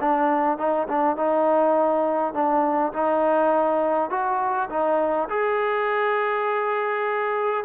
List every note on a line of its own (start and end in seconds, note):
0.00 0.58 D4
0.58 0.87 D#4
0.88 1.16 D4
1.16 2.33 D#4
2.33 2.92 D4
2.93 4.10 D#4
4.10 4.68 F#4
4.69 5.28 D#4
5.29 7.64 G#4